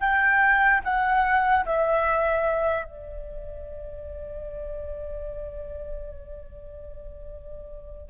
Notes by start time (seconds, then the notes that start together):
0.00 G5
0.84 F#5
1.65 E5
2.84 D5